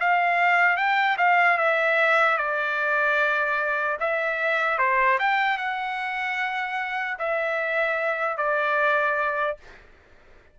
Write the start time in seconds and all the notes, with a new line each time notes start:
0.00 F5
0.77 G5
1.17 F5
1.58 E5
2.37 D5
4.00 E5
4.79 C5
5.19 G5
5.57 F#5
7.19 E5
8.37 D5